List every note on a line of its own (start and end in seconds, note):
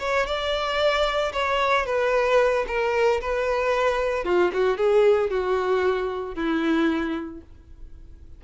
0.00 0.27 C#5
0.27 1.33 D5
1.33 1.86 C#5
1.86 2.66 B4
2.68 3.21 A#4
3.21 4.25 B4
4.25 4.52 F4
4.53 4.78 F#4
4.78 5.31 G#4
5.31 6.35 F#4
6.35 7.41 E4